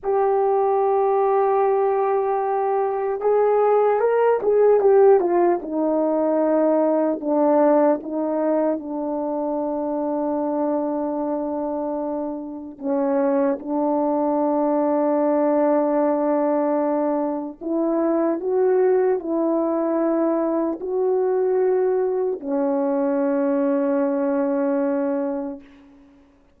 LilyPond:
\new Staff \with { instrumentName = "horn" } { \time 4/4 \tempo 4 = 75 g'1 | gis'4 ais'8 gis'8 g'8 f'8 dis'4~ | dis'4 d'4 dis'4 d'4~ | d'1 |
cis'4 d'2.~ | d'2 e'4 fis'4 | e'2 fis'2 | cis'1 | }